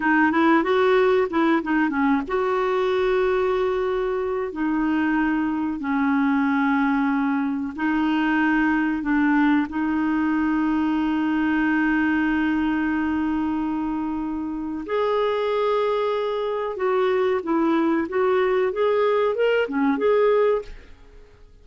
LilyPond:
\new Staff \with { instrumentName = "clarinet" } { \time 4/4 \tempo 4 = 93 dis'8 e'8 fis'4 e'8 dis'8 cis'8 fis'8~ | fis'2. dis'4~ | dis'4 cis'2. | dis'2 d'4 dis'4~ |
dis'1~ | dis'2. gis'4~ | gis'2 fis'4 e'4 | fis'4 gis'4 ais'8 cis'8 gis'4 | }